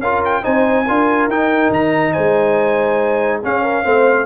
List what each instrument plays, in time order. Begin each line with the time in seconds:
0.00 tuba C#4, trombone F4, horn A#4, trumpet F5
0.25 trumpet G5
0.43 tuba C4, trombone D#4, horn C5, trumpet G#5
0.86 tuba D4, trombone F4, horn A#4
1.28 tuba D#4, trombone D#4, trumpet G5
1.71 tuba D#3, trumpet A#5
2.13 tuba G#3, horn C5, trumpet G#5
3.43 trombone C#4, tuba C#4, horn G#4, trumpet F5
3.63 horn A#4
3.84 tuba A3, trombone C4, horn C5